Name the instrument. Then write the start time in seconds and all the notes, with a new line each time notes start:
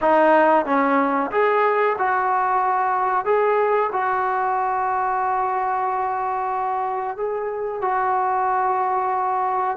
trombone
0.01 D#4
0.65 C#4
1.31 G#4
1.98 F#4
3.25 G#4
3.92 F#4
7.17 G#4
7.81 F#4